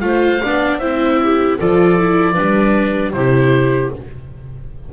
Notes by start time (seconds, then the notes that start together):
0.00 A3 F4 C5 F5
0.43 B3 D4 D5
0.79 C4 E4 C5 E5
1.23 G4
1.58 F3 F4 A4 D5
1.98 E4
2.33 G3 D4 B4
3.12 C3 E4 G4 C5